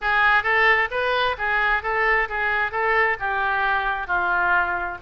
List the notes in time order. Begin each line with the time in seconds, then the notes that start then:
0.01 G#4
0.43 A4
0.90 B4
1.38 G#4
1.82 A4
2.28 G#4
2.71 A4
3.19 G4
4.07 F4